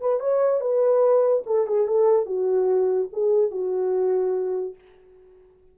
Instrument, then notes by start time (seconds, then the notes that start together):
horn
0.00 B4
0.19 C#5
0.60 B4
1.46 A4
1.67 G#4
1.87 A4
2.26 F#4
3.12 G#4
3.50 F#4